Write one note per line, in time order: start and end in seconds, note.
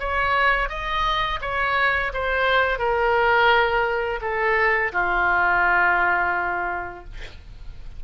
0.00 0.69 C#5
0.69 1.40 D#5
1.41 2.12 C#5
2.14 2.79 C5
2.79 4.20 A#4
4.21 4.92 A4
4.93 7.04 F4